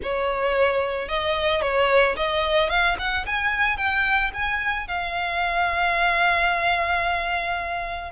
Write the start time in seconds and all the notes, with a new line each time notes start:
0.02 C#5
1.08 D#5
1.61 C#5
2.16 D#5
2.69 F5
2.98 F#5
3.26 G#5
3.77 G5
4.33 G#5
4.87 F5